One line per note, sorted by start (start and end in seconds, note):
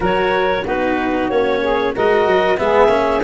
0.00 0.63 F#3
0.00 0.63 F#4
0.00 0.63 A#4
0.00 0.66 C#5
0.63 1.30 B3
0.63 1.31 D#4
0.63 1.60 F#4
0.63 1.29 B4
1.29 1.94 A#3
1.29 1.96 C#4
1.29 1.94 C#5
1.61 1.94 G#4
1.94 2.26 G#3
1.94 2.57 F#4
1.94 2.59 A#4
1.94 2.58 D#5
2.26 2.58 F#3
2.57 2.88 G#3
2.57 2.88 B3
2.57 3.24 G#4
2.57 3.22 E5
2.88 3.20 A#3
2.88 3.20 C#4